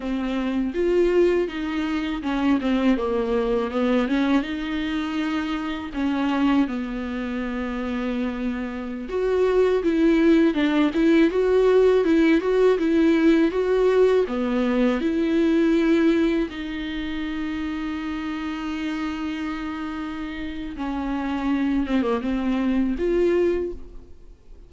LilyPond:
\new Staff \with { instrumentName = "viola" } { \time 4/4 \tempo 4 = 81 c'4 f'4 dis'4 cis'8 c'8 | ais4 b8 cis'8 dis'2 | cis'4 b2.~ | b16 fis'4 e'4 d'8 e'8 fis'8.~ |
fis'16 e'8 fis'8 e'4 fis'4 b8.~ | b16 e'2 dis'4.~ dis'16~ | dis'1 | cis'4. c'16 ais16 c'4 f'4 | }